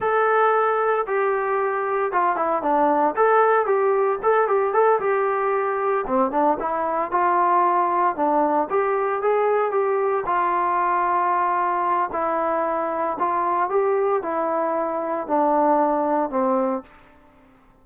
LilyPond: \new Staff \with { instrumentName = "trombone" } { \time 4/4 \tempo 4 = 114 a'2 g'2 | f'8 e'8 d'4 a'4 g'4 | a'8 g'8 a'8 g'2 c'8 | d'8 e'4 f'2 d'8~ |
d'8 g'4 gis'4 g'4 f'8~ | f'2. e'4~ | e'4 f'4 g'4 e'4~ | e'4 d'2 c'4 | }